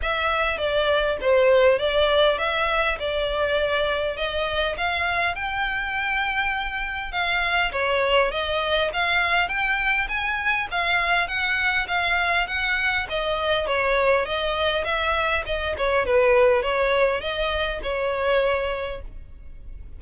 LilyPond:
\new Staff \with { instrumentName = "violin" } { \time 4/4 \tempo 4 = 101 e''4 d''4 c''4 d''4 | e''4 d''2 dis''4 | f''4 g''2. | f''4 cis''4 dis''4 f''4 |
g''4 gis''4 f''4 fis''4 | f''4 fis''4 dis''4 cis''4 | dis''4 e''4 dis''8 cis''8 b'4 | cis''4 dis''4 cis''2 | }